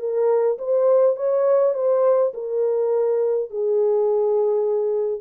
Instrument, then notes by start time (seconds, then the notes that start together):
horn
0.00 A#4
0.58 C5
1.17 C#5
1.74 C5
2.34 A#4
3.51 G#4